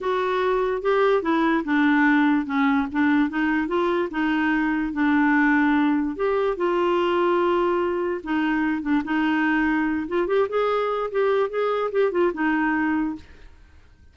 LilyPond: \new Staff \with { instrumentName = "clarinet" } { \time 4/4 \tempo 4 = 146 fis'2 g'4 e'4 | d'2 cis'4 d'4 | dis'4 f'4 dis'2 | d'2. g'4 |
f'1 | dis'4. d'8 dis'2~ | dis'8 f'8 g'8 gis'4. g'4 | gis'4 g'8 f'8 dis'2 | }